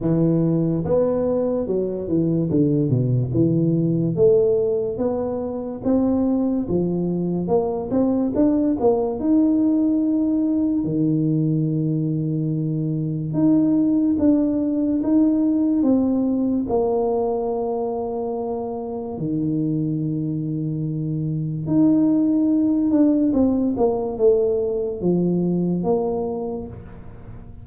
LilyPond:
\new Staff \with { instrumentName = "tuba" } { \time 4/4 \tempo 4 = 72 e4 b4 fis8 e8 d8 b,8 | e4 a4 b4 c'4 | f4 ais8 c'8 d'8 ais8 dis'4~ | dis'4 dis2. |
dis'4 d'4 dis'4 c'4 | ais2. dis4~ | dis2 dis'4. d'8 | c'8 ais8 a4 f4 ais4 | }